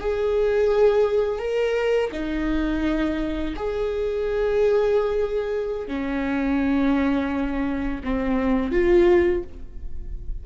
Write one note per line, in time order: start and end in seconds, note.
0.00 1.39 G#4
1.39 2.11 A#4
2.12 3.55 D#4
3.56 5.88 G#4
5.88 8.02 C#4
8.04 8.72 C4
8.72 9.44 F4